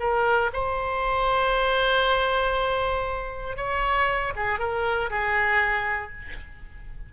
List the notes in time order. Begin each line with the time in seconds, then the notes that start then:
0.00 A#4
0.53 C5
3.57 C#5
4.36 G#4
4.59 A#4
5.10 G#4